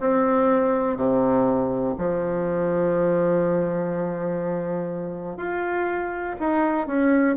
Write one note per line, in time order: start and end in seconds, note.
0.00 0.97 C4
0.97 1.95 C3
1.98 5.37 F3
5.37 6.35 F4
6.40 6.87 D#4
6.87 7.36 C#4